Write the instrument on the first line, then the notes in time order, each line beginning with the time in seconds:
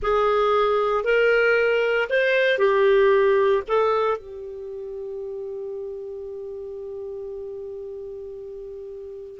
clarinet
0.02 G#4
1.04 A#4
2.09 C5
2.58 G4
3.67 A4
4.17 G4